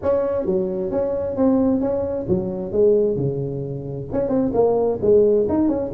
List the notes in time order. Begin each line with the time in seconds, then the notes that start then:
0.02 C#4
0.45 F#3
0.91 C#4
1.36 C4
1.80 C#4
2.28 F#3
2.71 G#3
3.16 C#3
4.12 C#4
4.29 C4
4.53 A#3
5.01 G#3
5.49 D#4
5.68 C#4